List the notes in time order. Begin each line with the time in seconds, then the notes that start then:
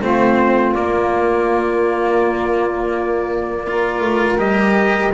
0.00 A3 C4 F4 C5
0.74 A#3 D5
3.67 F4 A#4
4.01 A3
4.38 G3 G4 D#5